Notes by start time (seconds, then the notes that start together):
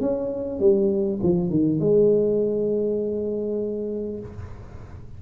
0.00 C#4
0.59 G3
1.22 F3
1.49 D#3
1.79 G#3